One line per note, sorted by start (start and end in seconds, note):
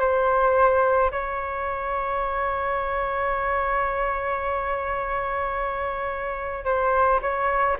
0.00 1.11 C5
1.12 6.65 C#5
6.65 7.20 C5
7.22 7.77 C#5